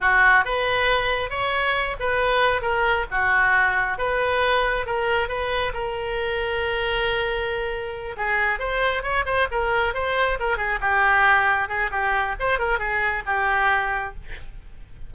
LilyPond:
\new Staff \with { instrumentName = "oboe" } { \time 4/4 \tempo 4 = 136 fis'4 b'2 cis''4~ | cis''8 b'4. ais'4 fis'4~ | fis'4 b'2 ais'4 | b'4 ais'2.~ |
ais'2~ ais'8 gis'4 c''8~ | c''8 cis''8 c''8 ais'4 c''4 ais'8 | gis'8 g'2 gis'8 g'4 | c''8 ais'8 gis'4 g'2 | }